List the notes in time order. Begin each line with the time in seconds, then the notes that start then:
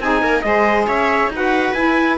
0.00 C4 D#4 G#4 G#5
0.22 A#3 A#4
0.41 G#3 G#4 C5 D#5
0.87 C#4 C#5 E5
1.28 D#4 F#4
1.35 B4 F#5
1.73 E4 G#5